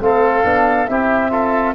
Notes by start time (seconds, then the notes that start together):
0.00 A3 C4 A4 F5
0.43 B3 D4
0.86 C4 E4 G4 E5
1.31 F4 A4